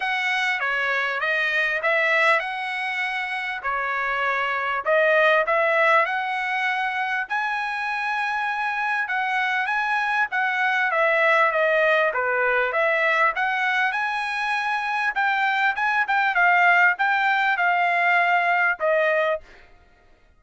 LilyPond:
\new Staff \with { instrumentName = "trumpet" } { \time 4/4 \tempo 4 = 99 fis''4 cis''4 dis''4 e''4 | fis''2 cis''2 | dis''4 e''4 fis''2 | gis''2. fis''4 |
gis''4 fis''4 e''4 dis''4 | b'4 e''4 fis''4 gis''4~ | gis''4 g''4 gis''8 g''8 f''4 | g''4 f''2 dis''4 | }